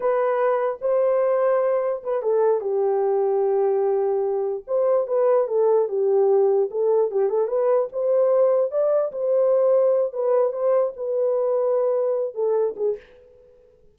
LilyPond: \new Staff \with { instrumentName = "horn" } { \time 4/4 \tempo 4 = 148 b'2 c''2~ | c''4 b'8 a'4 g'4.~ | g'2.~ g'8 c''8~ | c''8 b'4 a'4 g'4.~ |
g'8 a'4 g'8 a'8 b'4 c''8~ | c''4. d''4 c''4.~ | c''4 b'4 c''4 b'4~ | b'2~ b'8 a'4 gis'8 | }